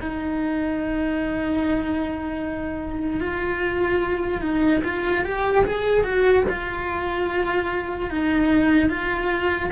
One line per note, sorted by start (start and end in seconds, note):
0.00 3.21 D#4
3.21 4.42 F4
4.42 4.82 D#4
4.84 5.24 F4
5.24 5.65 G4
5.65 6.04 G#4
6.04 6.44 F#4
6.49 8.10 F4
8.10 8.89 D#4
8.89 9.70 F4